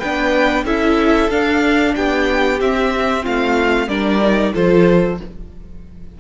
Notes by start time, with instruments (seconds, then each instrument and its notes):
0.00 cello B3, viola D4, violin B4 G5
0.65 cello C#4, viola E4, violin A4 E5
1.30 cello D4, viola D4, violin F5
1.96 cello B3, violin G4 G5
2.61 cello C4, viola C4, violin E5
3.24 cello A3, violin F4 F5
3.88 cello G3, viola D4, violin A#4 D5
4.22 viola D#4
4.54 cello F3, viola F4, violin A4 C5